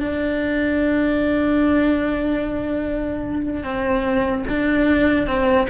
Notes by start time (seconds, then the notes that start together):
0.00 D4
3.64 C4
4.49 D4
5.27 C4